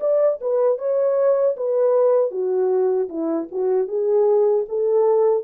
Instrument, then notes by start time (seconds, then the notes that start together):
horn
0.00 D5
0.41 B4
0.78 C#5
1.57 B4
2.31 F#4
3.09 E4
3.51 F#4
3.87 G#4
4.68 A4